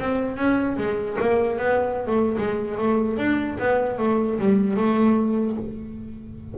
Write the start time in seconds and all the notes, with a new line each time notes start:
0.00 C4
0.37 C#4
0.78 G#3
1.20 A#3
1.58 B3
2.07 A3
2.38 G#3
2.78 A3
3.17 D4
3.59 B3
3.99 A3
4.39 G3
4.77 A3